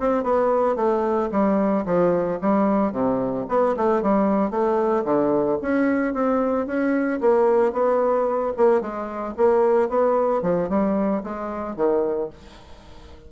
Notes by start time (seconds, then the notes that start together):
0.00 C4
0.23 B3
0.76 A3
1.32 G3
1.86 F3
2.42 G3
2.92 C3
3.49 B3
3.77 A3
4.02 G3
4.51 A3
5.05 D3
5.62 C#4
6.14 C4
6.67 C#4
7.21 A#3
7.73 B3
8.57 A#3
8.81 G#3
9.37 A#3
9.89 B3
10.42 F3
10.69 G3
11.24 G#3
11.76 D#3